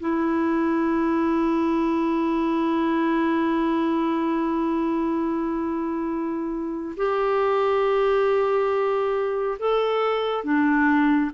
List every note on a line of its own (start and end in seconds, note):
0.00 6.96 E4
6.97 9.58 G4
9.59 10.44 A4
10.44 11.31 D4